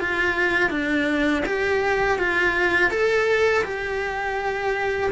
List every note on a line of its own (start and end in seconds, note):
0.00 0.70 F4
0.70 1.43 D4
1.46 2.18 G4
2.18 2.90 F4
2.90 3.64 A4
3.64 5.10 G4